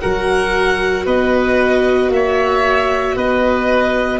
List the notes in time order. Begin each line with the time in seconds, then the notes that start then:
0.00 F#3 F#4 A#4 F#5
1.05 B3 B4 D#5
2.09 A#3 C#5 E5
3.16 B3 B4 D#5